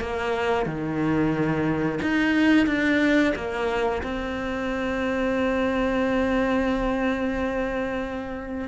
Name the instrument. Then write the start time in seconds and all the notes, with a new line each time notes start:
cello
0.00 A#3
0.66 D#3
2.02 D#4
2.67 D4
3.36 A#3
4.03 C4